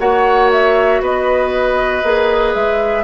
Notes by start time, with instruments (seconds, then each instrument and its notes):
0.00 bassoon A#3, clarinet F#4, oboe C#5, flute F#5
0.52 flute E5
1.01 bassoon B3, oboe B4, flute D#5
2.04 bassoon A#3, clarinet G#4
2.55 bassoon G#3, flute E5